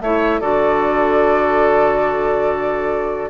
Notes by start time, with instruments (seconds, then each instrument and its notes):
0.00 bassoon A3, clarinet E4, oboe C#5, flute E5
0.40 bassoon D3, clarinet F#4, oboe A4, flute D5